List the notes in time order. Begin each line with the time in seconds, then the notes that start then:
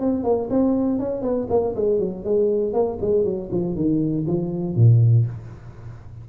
0.00 C4
0.24 A#3
0.50 C4
0.99 C#4
1.22 B3
1.50 A#3
1.76 G#3
1.99 F#3
2.25 G#3
2.73 A#3
3.01 G#3
3.25 F#3
3.52 F3
3.76 D#3
4.27 F3
4.76 A#2